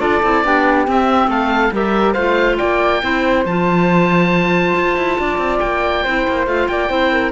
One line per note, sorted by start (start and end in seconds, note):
0.00 0.22 D4
0.00 0.22 F4
0.00 0.45 A4
0.00 0.87 D5
0.23 0.45 C4
0.23 0.45 E4
0.45 0.88 B3
0.45 0.87 D4
0.45 1.29 G4
0.87 1.73 C4
0.87 1.28 C4
0.87 1.31 E5
1.28 1.71 A3
1.28 1.73 A4
1.28 1.74 F5
1.72 2.16 G3
1.72 2.16 G4
1.72 2.13 A#4
1.72 2.13 E5
2.13 2.59 A3
2.13 3.02 F4
2.13 2.57 C5
2.13 2.57 F5
2.58 3.03 A#3
2.58 3.02 D5
2.58 3.44 G5
3.02 3.46 C4
3.02 3.45 E4
3.02 5.20 C5
3.46 4.76 F3
3.46 6.07 F4
3.46 5.60 A5
4.76 4.97 F4
4.97 5.19 E4
5.19 5.38 D4
5.19 6.04 D5
5.38 5.60 C4
5.60 6.06 A#3
5.60 6.46 G5
6.04 6.28 C4
6.04 6.47 E4
6.04 6.69 C5
6.28 6.47 A#3
6.47 6.69 A3
6.47 6.89 F4
6.47 6.68 F5
6.68 6.90 A#3
6.68 6.90 D5
6.68 7.33 G5
6.89 7.33 C4
6.89 7.32 E4
6.89 7.12 C5
7.12 7.33 A#4